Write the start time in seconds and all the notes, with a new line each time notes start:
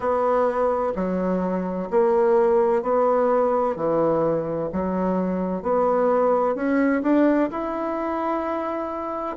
0.00 B3
0.95 F#3
1.90 A#3
2.82 B3
3.75 E3
4.72 F#3
5.62 B3
6.55 C#4
7.02 D4
7.50 E4